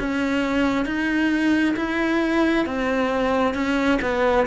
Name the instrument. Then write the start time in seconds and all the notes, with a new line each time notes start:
cello
0.00 C#4
0.86 D#4
1.77 E4
2.66 C4
3.55 C#4
4.02 B3